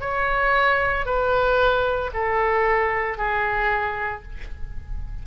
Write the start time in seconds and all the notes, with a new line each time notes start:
0.00 C#5
1.05 B4
2.13 A4
3.17 G#4